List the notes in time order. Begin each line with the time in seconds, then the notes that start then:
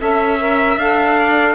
0.00 C#4 A4 E5
0.40 A#4
0.77 D4 A4 F5
1.18 D5